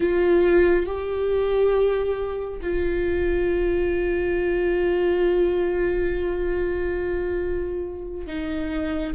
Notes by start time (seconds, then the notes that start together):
0.00 F4
0.86 G4
2.62 F4
8.26 D#4